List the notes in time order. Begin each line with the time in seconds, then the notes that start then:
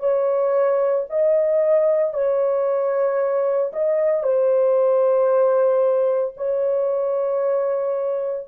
0.00 C#5
1.10 D#5
2.14 C#5
3.73 D#5
4.24 C5
6.37 C#5